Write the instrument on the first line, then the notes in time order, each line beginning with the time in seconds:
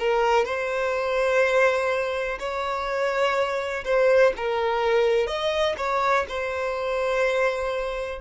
violin
0.00 A#4
0.45 C5
2.40 C#5
3.85 C5
4.37 A#4
5.27 D#5
5.78 C#5
6.29 C5